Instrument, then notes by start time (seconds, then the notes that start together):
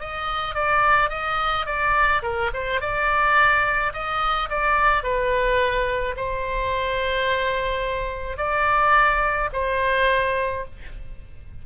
oboe
0.00 D#5
0.55 D5
1.10 D#5
1.66 D5
2.23 A#4
2.54 C5
2.81 D5
3.93 D#5
4.50 D5
5.03 B4
6.17 C5
8.38 D5
9.53 C5